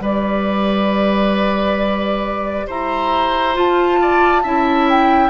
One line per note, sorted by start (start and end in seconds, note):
0.00 2.65 G3
0.00 3.55 G4
0.00 2.67 B4
0.00 2.69 D5
2.67 3.57 E4
2.67 4.00 C5
2.67 3.58 A#5
3.55 4.43 F4
3.55 4.45 F4
3.55 4.90 A5
4.02 4.43 D5
4.43 5.30 C#4
4.43 5.30 E4
4.43 5.30 E5
4.90 5.30 G5